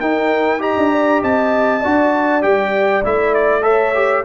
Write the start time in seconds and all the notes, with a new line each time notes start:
0.00 D#4 A#4 G5
0.59 G4 D#5 A#5
0.77 D4
0.91 D5
1.22 C4 D#5 A5
1.80 D4 F#4 D5
2.41 G3 G4 G5
3.04 A3 E4 E5
3.34 D5
3.62 A4 C#5 E5
3.94 G4